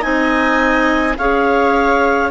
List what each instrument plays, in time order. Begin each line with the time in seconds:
0.00 bassoon C4, clarinet D#4 G#5, viola D#5
1.17 bassoon C#4, clarinet G#4 F5, viola C#5